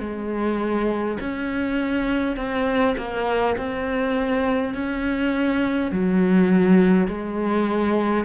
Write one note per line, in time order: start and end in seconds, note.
0.00 1.18 G#3
1.20 2.36 C#4
2.36 2.95 C4
2.97 3.56 A#3
3.57 4.74 C4
4.74 5.91 C#4
5.91 7.07 F#3
7.07 8.25 G#3